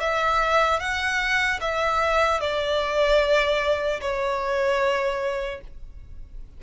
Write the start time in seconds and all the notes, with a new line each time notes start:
0.00 E5
0.79 F#5
1.61 E5
2.40 D5
4.01 C#5